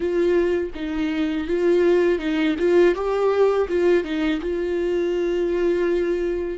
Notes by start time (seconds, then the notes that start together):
0.00 F4
0.75 D#4
1.47 F4
2.19 D#4
2.58 F4
2.95 G4
3.68 F4
4.03 D#4
4.40 F4